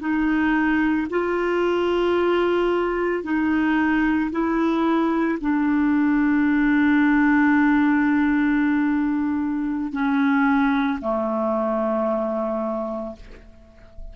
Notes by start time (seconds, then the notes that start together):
0.00 D#4
1.10 F4
3.23 D#4
4.31 E4
5.41 D4
9.92 C#4
11.01 A3